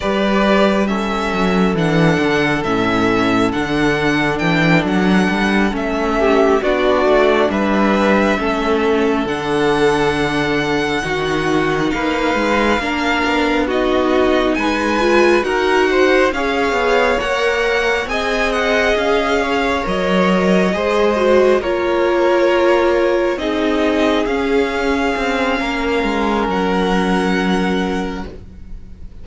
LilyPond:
<<
  \new Staff \with { instrumentName = "violin" } { \time 4/4 \tempo 4 = 68 d''4 e''4 fis''4 e''4 | fis''4 g''8 fis''4 e''4 d''8~ | d''8 e''2 fis''4.~ | fis''4. f''2 dis''8~ |
dis''8 gis''4 fis''4 f''4 fis''8~ | fis''8 gis''8 fis''8 f''4 dis''4.~ | dis''8 cis''2 dis''4 f''8~ | f''2 fis''2 | }
  \new Staff \with { instrumentName = "violin" } { \time 4/4 b'4 a'2.~ | a'2. g'8 fis'8~ | fis'8 b'4 a'2~ a'8~ | a'8 fis'4 b'4 ais'4 fis'8~ |
fis'8 b'4 ais'8 c''8 cis''4.~ | cis''8 dis''4. cis''4. c''8~ | c''8 ais'2 gis'4.~ | gis'4 ais'2. | }
  \new Staff \with { instrumentName = "viola" } { \time 4/4 g'4 cis'4 d'4 cis'4 | d'2~ d'8 cis'4 d'8~ | d'4. cis'4 d'4.~ | d'8 dis'2 d'4 dis'8~ |
dis'4 f'8 fis'4 gis'4 ais'8~ | ais'8 gis'2 ais'4 gis'8 | fis'8 f'2 dis'4 cis'8~ | cis'1 | }
  \new Staff \with { instrumentName = "cello" } { \time 4/4 g4. fis8 e8 d8 a,4 | d4 e8 fis8 g8 a4 b8 | a8 g4 a4 d4.~ | d8 dis4 ais8 gis8 ais8 b4~ |
b8 gis4 dis'4 cis'8 b8 ais8~ | ais8 c'4 cis'4 fis4 gis8~ | gis8 ais2 c'4 cis'8~ | cis'8 c'8 ais8 gis8 fis2 | }
>>